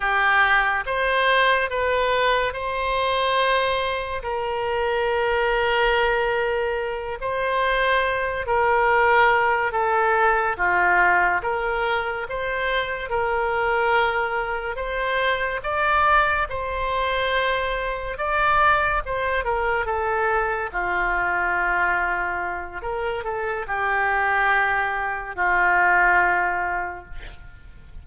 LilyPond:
\new Staff \with { instrumentName = "oboe" } { \time 4/4 \tempo 4 = 71 g'4 c''4 b'4 c''4~ | c''4 ais'2.~ | ais'8 c''4. ais'4. a'8~ | a'8 f'4 ais'4 c''4 ais'8~ |
ais'4. c''4 d''4 c''8~ | c''4. d''4 c''8 ais'8 a'8~ | a'8 f'2~ f'8 ais'8 a'8 | g'2 f'2 | }